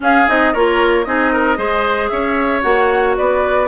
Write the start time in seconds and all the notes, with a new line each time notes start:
0.00 C#4 G#4 F5
0.27 C4 D#4 D#5
0.53 A#3 F4 A#4 C#5
1.04 C4 D#4 G#4 D#5
1.32 A#4
1.56 G#3 G#4 C5
2.08 C#4 C#5 E5
2.61 A#3 F#4 F#5
3.17 B3 B4 D5